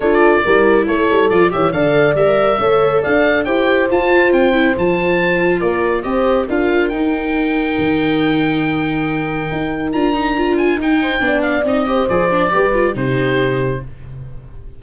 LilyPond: <<
  \new Staff \with { instrumentName = "oboe" } { \time 4/4 \tempo 4 = 139 d''2 cis''4 d''8 e''8 | f''4 e''2 f''4 | g''4 a''4 g''4 a''4~ | a''4 d''4 dis''4 f''4 |
g''1~ | g''2. ais''4~ | ais''8 gis''8 g''4. f''8 dis''4 | d''2 c''2 | }
  \new Staff \with { instrumentName = "horn" } { \time 4/4 a'4 ais'4 a'4. cis''8 | d''2 cis''4 d''4 | c''1~ | c''4 ais'4 c''4 ais'4~ |
ais'1~ | ais'1~ | ais'4. c''8 d''4. c''8~ | c''4 b'4 g'2 | }
  \new Staff \with { instrumentName = "viola" } { \time 4/4 f'4 e'2 f'8 g'8 | a'4 ais'4 a'2 | g'4 f'4. e'8 f'4~ | f'2 g'4 f'4 |
dis'1~ | dis'2. f'8 dis'8 | f'4 dis'4 d'4 dis'8 g'8 | gis'8 d'8 g'8 f'8 dis'2 | }
  \new Staff \with { instrumentName = "tuba" } { \time 4/4 d'4 g4 a8 g8 f8 e8 | d4 g4 a4 d'4 | e'4 f'4 c'4 f4~ | f4 ais4 c'4 d'4 |
dis'2 dis2~ | dis2 dis'4 d'4~ | d'4 dis'4 b4 c'4 | f4 g4 c2 | }
>>